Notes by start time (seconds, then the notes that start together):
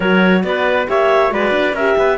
0.00 F#3 F#4 A#4 C#5
0.43 B3 B4 D5
0.87 A#3 G4 C#5 E5
1.29 G#3 F#4 B4 D5
1.50 D4
1.72 C#4 G4 A#4 E5
1.97 B3 B4